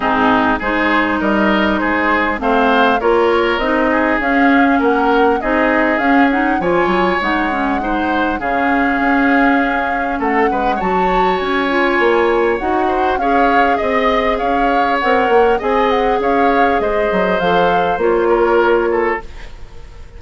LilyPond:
<<
  \new Staff \with { instrumentName = "flute" } { \time 4/4 \tempo 4 = 100 gis'4 c''4 dis''4 c''4 | f''4 cis''4 dis''4 f''4 | fis''4 dis''4 f''8 fis''8 gis''4 | fis''2 f''2~ |
f''4 fis''4 a''4 gis''4~ | gis''4 fis''4 f''4 dis''4 | f''4 fis''4 gis''8 fis''8 f''4 | dis''4 f''4 cis''2 | }
  \new Staff \with { instrumentName = "oboe" } { \time 4/4 dis'4 gis'4 ais'4 gis'4 | c''4 ais'4. gis'4. | ais'4 gis'2 cis''4~ | cis''4 c''4 gis'2~ |
gis'4 a'8 b'8 cis''2~ | cis''4. c''8 cis''4 dis''4 | cis''2 dis''4 cis''4 | c''2~ c''8 ais'4 a'8 | }
  \new Staff \with { instrumentName = "clarinet" } { \time 4/4 c'4 dis'2. | c'4 f'4 dis'4 cis'4~ | cis'4 dis'4 cis'8 dis'8 f'4 | dis'8 cis'8 dis'4 cis'2~ |
cis'2 fis'4. f'8~ | f'4 fis'4 gis'2~ | gis'4 ais'4 gis'2~ | gis'4 a'4 f'2 | }
  \new Staff \with { instrumentName = "bassoon" } { \time 4/4 gis,4 gis4 g4 gis4 | a4 ais4 c'4 cis'4 | ais4 c'4 cis'4 f8 fis8 | gis2 cis4 cis'4~ |
cis'4 a8 gis8 fis4 cis'4 | ais4 dis'4 cis'4 c'4 | cis'4 c'8 ais8 c'4 cis'4 | gis8 fis8 f4 ais2 | }
>>